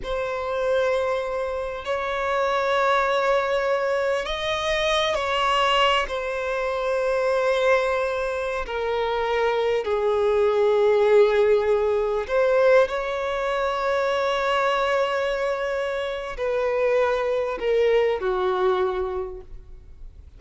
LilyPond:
\new Staff \with { instrumentName = "violin" } { \time 4/4 \tempo 4 = 99 c''2. cis''4~ | cis''2. dis''4~ | dis''8 cis''4. c''2~ | c''2~ c''16 ais'4.~ ais'16~ |
ais'16 gis'2.~ gis'8.~ | gis'16 c''4 cis''2~ cis''8.~ | cis''2. b'4~ | b'4 ais'4 fis'2 | }